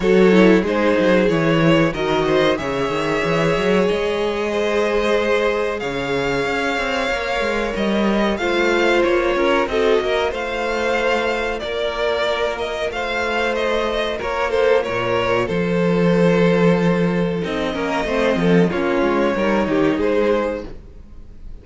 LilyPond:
<<
  \new Staff \with { instrumentName = "violin" } { \time 4/4 \tempo 4 = 93 cis''4 c''4 cis''4 dis''4 | e''2 dis''2~ | dis''4 f''2. | dis''4 f''4 cis''4 dis''4 |
f''2 d''4. dis''8 | f''4 dis''4 cis''8 c''8 cis''4 | c''2. dis''4~ | dis''4 cis''2 c''4 | }
  \new Staff \with { instrumentName = "violin" } { \time 4/4 a'4 gis'2 ais'8 c''8 | cis''2. c''4~ | c''4 cis''2.~ | cis''4 c''4. ais'8 a'8 ais'8 |
c''2 ais'2 | c''2 ais'8 a'8 ais'4 | a'2.~ a'8 ais'8 | c''8 a'8 f'4 ais'8 g'8 gis'4 | }
  \new Staff \with { instrumentName = "viola" } { \time 4/4 fis'8 e'8 dis'4 e'4 fis'4 | gis'1~ | gis'2. ais'4~ | ais'4 f'2 fis'4 |
f'1~ | f'1~ | f'2. dis'8 cis'8 | c'4 cis'4 dis'2 | }
  \new Staff \with { instrumentName = "cello" } { \time 4/4 fis4 gis8 fis8 e4 dis4 | cis8 dis8 e8 fis8 gis2~ | gis4 cis4 cis'8 c'8 ais8 gis8 | g4 a4 ais8 cis'8 c'8 ais8 |
a2 ais2 | a2 ais4 ais,4 | f2. c'8 ais8 | a8 f8 ais8 gis8 g8 dis8 gis4 | }
>>